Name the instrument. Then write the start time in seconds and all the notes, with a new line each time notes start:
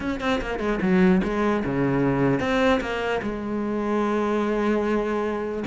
cello
0.00 C#4
0.20 C4
0.41 A#3
0.59 G#3
0.81 F#3
1.23 G#3
1.64 C#3
2.40 C4
2.80 A#3
3.22 G#3